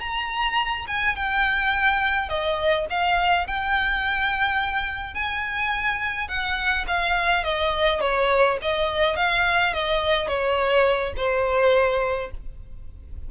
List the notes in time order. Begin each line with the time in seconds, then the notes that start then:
0.00 A#5
0.87 G#5
1.16 G5
2.29 D#5
2.90 F5
3.47 G5
5.14 G#5
6.28 F#5
6.88 F5
7.44 D#5
8.01 C#5
8.62 D#5
9.16 F5
9.74 D#5
10.28 C#5
11.17 C5